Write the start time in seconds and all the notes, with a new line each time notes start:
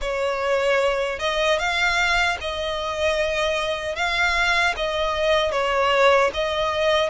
0.01 C#5
1.19 D#5
1.58 F5
2.40 D#5
3.95 F5
4.76 D#5
5.51 C#5
6.33 D#5